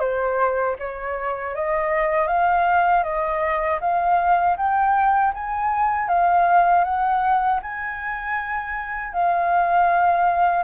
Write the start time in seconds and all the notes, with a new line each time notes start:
0.00 C5
0.79 C#5
1.55 D#5
2.28 F5
3.04 D#5
3.81 F5
4.57 G5
5.34 G#5
6.08 F5
6.85 F#5
7.62 G#5
9.13 F5